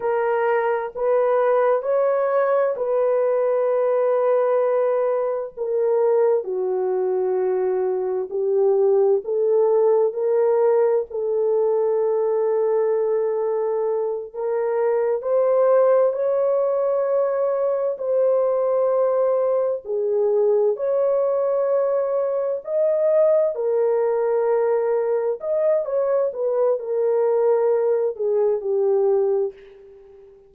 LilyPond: \new Staff \with { instrumentName = "horn" } { \time 4/4 \tempo 4 = 65 ais'4 b'4 cis''4 b'4~ | b'2 ais'4 fis'4~ | fis'4 g'4 a'4 ais'4 | a'2.~ a'8 ais'8~ |
ais'8 c''4 cis''2 c''8~ | c''4. gis'4 cis''4.~ | cis''8 dis''4 ais'2 dis''8 | cis''8 b'8 ais'4. gis'8 g'4 | }